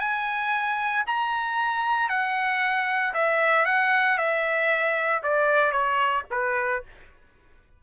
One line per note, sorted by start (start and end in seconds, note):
0.00 1.04 G#5
1.07 2.09 A#5
2.09 3.14 F#5
3.14 3.66 E5
3.66 4.18 F#5
4.18 5.22 E5
5.23 5.72 D5
5.72 6.24 C#5
6.31 6.83 B4